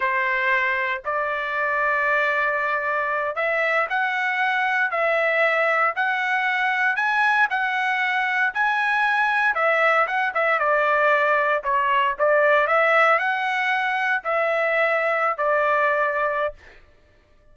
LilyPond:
\new Staff \with { instrumentName = "trumpet" } { \time 4/4 \tempo 4 = 116 c''2 d''2~ | d''2~ d''8 e''4 fis''8~ | fis''4. e''2 fis''8~ | fis''4. gis''4 fis''4.~ |
fis''8 gis''2 e''4 fis''8 | e''8 d''2 cis''4 d''8~ | d''8 e''4 fis''2 e''8~ | e''4.~ e''16 d''2~ d''16 | }